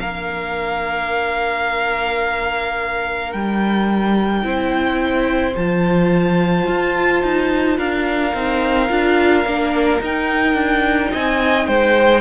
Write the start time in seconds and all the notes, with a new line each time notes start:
0.00 A#3 D4 A#4 F5
3.33 G3 G5
4.44 C4 E4 C5
5.55 F3 F4 A5
6.67 F4
7.23 D#4
7.78 D4 A#4 F5
8.34 C4 D#4
8.90 D4 F4
9.45 A#3 D4
10.01 D#4 G5
10.54 D4
11.12 C4 D#5 G#5
11.67 G#3 C5 G5